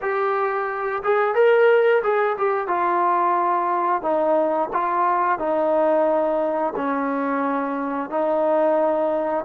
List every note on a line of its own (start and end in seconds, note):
0.01 1.02 G4
1.03 1.35 G#4
1.35 2.02 A#4
2.03 2.36 G#4
2.37 2.67 G4
2.67 4.01 F4
4.01 4.69 D#4
4.73 5.38 F4
5.38 6.73 D#4
6.75 8.10 C#4
8.10 9.44 D#4